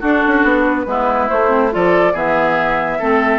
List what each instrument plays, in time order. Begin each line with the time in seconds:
0.00 bassoon D4, clarinet D4, oboe F#4, flute A4
0.27 bassoon C#4
0.43 bassoon B3
0.67 flute B4
0.86 bassoon G#3, clarinet B3, oboe E4
1.28 clarinet A3, bassoon A3, flute C5
1.49 clarinet C4
1.71 bassoon F3, clarinet F4, oboe A4, flute D5
2.13 bassoon E3, clarinet B3, oboe G#4, flute E5
2.99 bassoon A3, clarinet C4, oboe A4